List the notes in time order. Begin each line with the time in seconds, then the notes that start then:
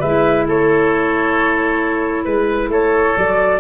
0.00 G#3 E4 B4 E5
0.48 A3 A4 C#5
2.25 G#3 B4
2.69 A3 A4 C#5
3.17 F#3 F#4 D5